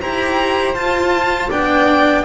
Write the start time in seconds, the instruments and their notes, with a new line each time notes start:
0.00 double bass E4, cello G4, viola C5, violin A#5
0.74 cello F4, double bass F4, violin A5
1.49 double bass B3, cello D4, viola D5, violin G5